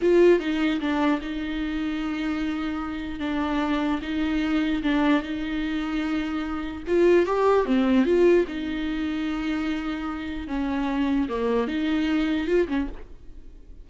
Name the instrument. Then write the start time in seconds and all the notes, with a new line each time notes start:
viola
0.01 F4
0.39 D#4
0.80 D4
1.21 D#4
3.19 D4
4.01 D#4
4.82 D4
5.22 D#4
6.87 F4
7.26 G4
7.65 C4
8.05 F4
8.47 D#4
10.47 C#4
11.29 A#3
11.67 D#4
12.47 F4
12.68 C#4